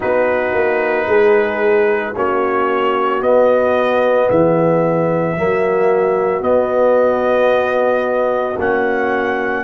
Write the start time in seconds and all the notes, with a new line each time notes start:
0.00 B3 D#4 F#4 B4
0.54 A#3
1.06 G#3 G#4
2.15 A#3 C#4 F#4 C#5
3.21 B3 D#5
4.28 E3 G#4 E5
5.35 F#3 A#3 F#4
6.41 B3 D#5
8.58 A#3 C#4 F#5